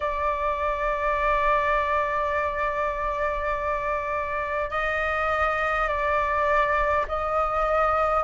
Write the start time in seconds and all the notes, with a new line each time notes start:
0.00 D5
4.70 D#5
5.88 D5
7.07 D#5